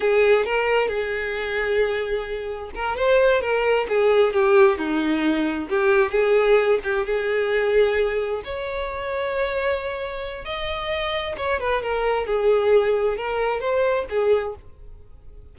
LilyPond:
\new Staff \with { instrumentName = "violin" } { \time 4/4 \tempo 4 = 132 gis'4 ais'4 gis'2~ | gis'2 ais'8 c''4 ais'8~ | ais'8 gis'4 g'4 dis'4.~ | dis'8 g'4 gis'4. g'8 gis'8~ |
gis'2~ gis'8 cis''4.~ | cis''2. dis''4~ | dis''4 cis''8 b'8 ais'4 gis'4~ | gis'4 ais'4 c''4 gis'4 | }